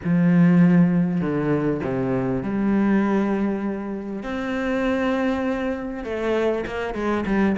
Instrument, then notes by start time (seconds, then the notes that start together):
cello
0.04 F3
1.20 D3
1.83 C3
2.42 G3
4.22 C4
6.04 A3
6.66 A#3
6.94 G#3
7.26 G3